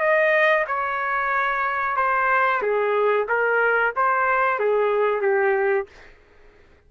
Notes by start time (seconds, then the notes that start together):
0.00 D#5
0.67 C#5
1.96 C5
2.62 G#4
3.28 A#4
3.96 C5
4.59 G#4
5.21 G4